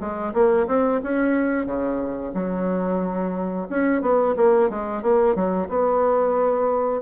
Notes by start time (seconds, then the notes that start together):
0.00 G#3
0.34 A#3
0.67 C4
1.03 C#4
1.66 C#3
2.34 F#3
3.70 C#4
4.02 B3
4.37 A#3
4.70 G#3
5.02 A#3
5.35 F#3
5.69 B3